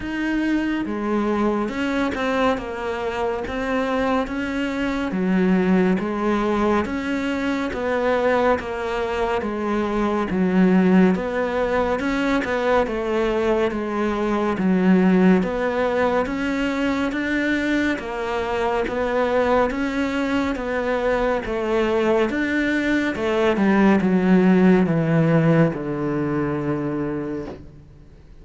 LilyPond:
\new Staff \with { instrumentName = "cello" } { \time 4/4 \tempo 4 = 70 dis'4 gis4 cis'8 c'8 ais4 | c'4 cis'4 fis4 gis4 | cis'4 b4 ais4 gis4 | fis4 b4 cis'8 b8 a4 |
gis4 fis4 b4 cis'4 | d'4 ais4 b4 cis'4 | b4 a4 d'4 a8 g8 | fis4 e4 d2 | }